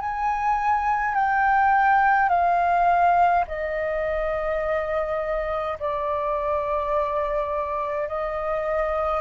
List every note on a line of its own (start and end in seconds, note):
0.00 1.15 G#5
1.15 2.29 G5
2.29 3.45 F5
3.47 5.78 D#5
5.80 8.08 D5
8.08 9.21 D#5